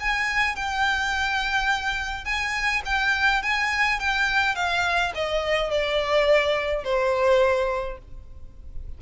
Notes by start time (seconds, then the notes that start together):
0.00 G#5
0.56 G5
2.25 G#5
2.86 G5
3.43 G#5
4.00 G5
4.56 F5
5.15 D#5
5.71 D5
6.84 C5